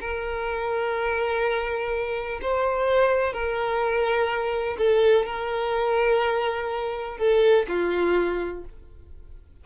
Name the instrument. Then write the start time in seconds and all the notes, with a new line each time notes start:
violin
0.00 A#4
2.42 C5
3.33 A#4
4.78 A4
5.26 A#4
7.18 A4
7.68 F4